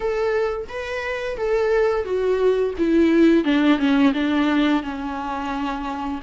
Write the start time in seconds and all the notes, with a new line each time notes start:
0.00 A4
0.69 B4
1.37 A4
2.05 F#4
2.77 E4
3.44 D4
3.78 C#4
4.13 D4
4.82 C#4